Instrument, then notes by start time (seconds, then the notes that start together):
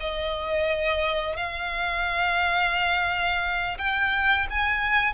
violin
0.00 D#5
1.36 F5
3.78 G5
4.50 G#5